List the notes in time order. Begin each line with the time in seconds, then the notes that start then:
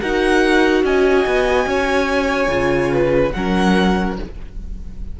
0.00 D#4 F#4 A#4 F#5
0.84 C#4 D#5 G#5
1.26 B3
1.66 C#4 C#5
2.47 C#3 F4
2.92 B4
3.32 F#3 C#4 A#4 F#5